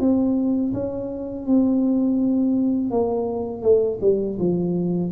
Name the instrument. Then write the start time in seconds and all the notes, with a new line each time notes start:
tuba
0.00 C4
0.74 C#4
1.47 C4
2.91 A#3
3.63 A3
4.01 G3
4.39 F3